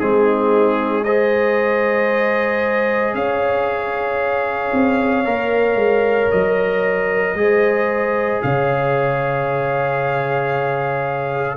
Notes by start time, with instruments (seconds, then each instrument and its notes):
0.00 tuba G#3, trombone C4, horn D#4, trumpet G#4
1.04 trombone G#4, horn C5, trumpet D#5
3.14 tuba C#4, horn C#5, trumpet F5
4.73 tuba C4
5.25 tuba A#3, trombone A#4
5.75 tuba G#3
6.31 tuba F#3, trumpet D#5
7.34 tuba G#3, trombone G#4
7.41 horn C5
8.43 tuba C#3, horn C#5, trumpet F5